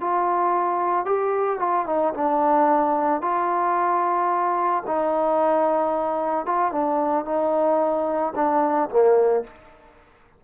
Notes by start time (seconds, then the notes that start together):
0.00 F4
1.05 G4
1.59 F4
1.86 D#4
2.14 D4
3.21 F4
4.86 D#4
6.45 F4
6.71 D4
7.25 D#4
8.35 D4
8.89 A#3